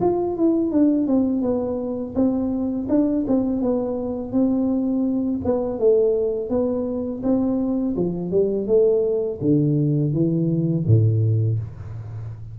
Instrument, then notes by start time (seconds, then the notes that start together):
tuba
0.00 F4
0.36 E4
0.71 D4
1.06 C4
1.42 B3
2.15 C4
2.89 D4
3.27 C4
3.61 B3
4.32 C4
5.44 B3
5.79 A3
6.49 B3
7.23 C4
7.96 F3
8.31 G3
8.67 A3
9.41 D3
10.13 E3
10.86 A2